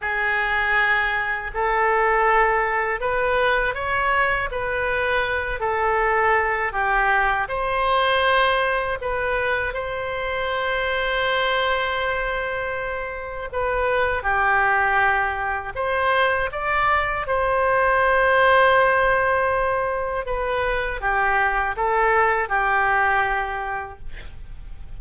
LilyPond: \new Staff \with { instrumentName = "oboe" } { \time 4/4 \tempo 4 = 80 gis'2 a'2 | b'4 cis''4 b'4. a'8~ | a'4 g'4 c''2 | b'4 c''2.~ |
c''2 b'4 g'4~ | g'4 c''4 d''4 c''4~ | c''2. b'4 | g'4 a'4 g'2 | }